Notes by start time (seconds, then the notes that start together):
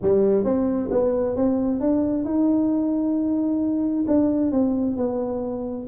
0.02 G3
0.44 C4
0.91 B3
1.36 C4
1.80 D4
2.24 D#4
4.07 D4
4.51 C4
4.96 B3